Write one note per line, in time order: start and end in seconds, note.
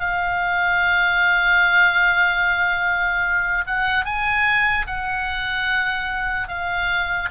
0.00 3.65 F5
3.67 4.05 F#5
4.05 4.86 G#5
4.87 6.48 F#5
6.48 7.29 F5